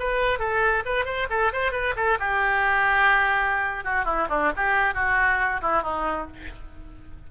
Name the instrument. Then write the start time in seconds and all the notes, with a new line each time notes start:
oboe
0.00 B4
0.39 A4
0.86 B4
1.06 C5
1.31 A4
1.53 C5
1.72 B4
1.97 A4
2.20 G4
3.85 F#4
4.05 E4
4.30 D4
4.57 G4
4.95 F#4
5.62 E4
5.83 D#4